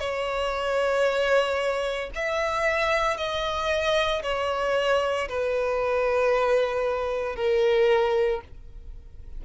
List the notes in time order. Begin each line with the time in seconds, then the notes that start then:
0.00 C#5
2.15 E5
3.17 D#5
4.23 C#5
5.29 B4
7.36 A#4